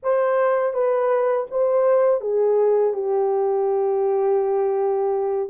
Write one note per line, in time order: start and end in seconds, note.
0.02 0.73 C5
0.73 1.46 B4
1.50 2.21 C5
2.21 2.93 G#4
2.93 5.49 G4